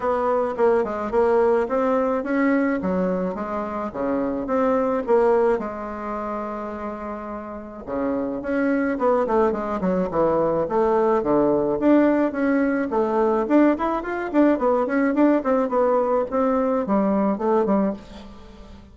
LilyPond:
\new Staff \with { instrumentName = "bassoon" } { \time 4/4 \tempo 4 = 107 b4 ais8 gis8 ais4 c'4 | cis'4 fis4 gis4 cis4 | c'4 ais4 gis2~ | gis2 cis4 cis'4 |
b8 a8 gis8 fis8 e4 a4 | d4 d'4 cis'4 a4 | d'8 e'8 f'8 d'8 b8 cis'8 d'8 c'8 | b4 c'4 g4 a8 g8 | }